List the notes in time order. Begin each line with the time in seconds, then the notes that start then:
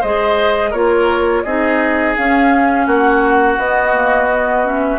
0.00 G#3 G#4 C5 D#5
0.70 A#3 F4 A#4 C#5
1.43 C4 D#4 G#4 D#5
2.16 C#4 F5
2.86 A#3 F#4 F#5
3.57 B3 D#5
3.93 A#3
4.29 B3
4.64 C#4 E5